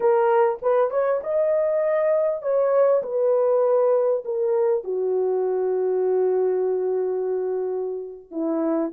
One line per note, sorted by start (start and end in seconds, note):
0.00 0.58 A#4
0.62 0.90 B4
0.90 1.20 C#5
1.23 2.42 D#5
2.42 3.02 C#5
3.02 4.23 B4
4.24 4.84 A#4
4.84 8.31 F#4
8.31 8.91 E4